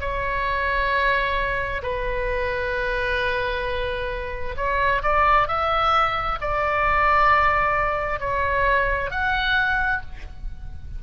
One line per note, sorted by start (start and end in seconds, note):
0.00 1.82 C#5
1.83 4.55 B4
4.57 5.02 C#5
5.02 5.48 D5
5.48 6.38 E5
6.41 8.20 D5
8.20 9.10 C#5
9.10 10.01 F#5